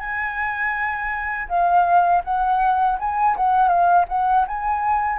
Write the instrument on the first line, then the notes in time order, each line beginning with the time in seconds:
flute
0.00 G#5
1.49 F5
2.24 F#5
2.99 G#5
3.37 F#5
3.68 F5
4.09 F#5
4.47 G#5